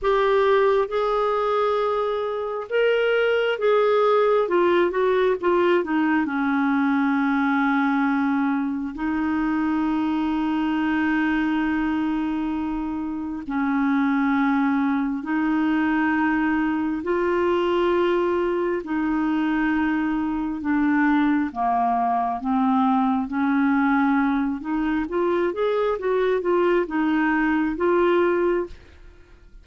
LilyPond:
\new Staff \with { instrumentName = "clarinet" } { \time 4/4 \tempo 4 = 67 g'4 gis'2 ais'4 | gis'4 f'8 fis'8 f'8 dis'8 cis'4~ | cis'2 dis'2~ | dis'2. cis'4~ |
cis'4 dis'2 f'4~ | f'4 dis'2 d'4 | ais4 c'4 cis'4. dis'8 | f'8 gis'8 fis'8 f'8 dis'4 f'4 | }